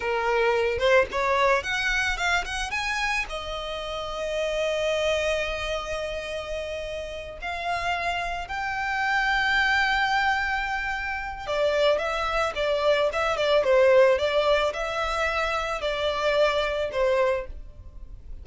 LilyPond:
\new Staff \with { instrumentName = "violin" } { \time 4/4 \tempo 4 = 110 ais'4. c''8 cis''4 fis''4 | f''8 fis''8 gis''4 dis''2~ | dis''1~ | dis''4. f''2 g''8~ |
g''1~ | g''4 d''4 e''4 d''4 | e''8 d''8 c''4 d''4 e''4~ | e''4 d''2 c''4 | }